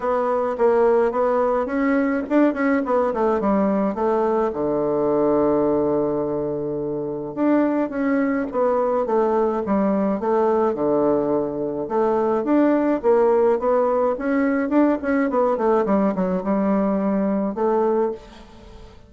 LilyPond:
\new Staff \with { instrumentName = "bassoon" } { \time 4/4 \tempo 4 = 106 b4 ais4 b4 cis'4 | d'8 cis'8 b8 a8 g4 a4 | d1~ | d4 d'4 cis'4 b4 |
a4 g4 a4 d4~ | d4 a4 d'4 ais4 | b4 cis'4 d'8 cis'8 b8 a8 | g8 fis8 g2 a4 | }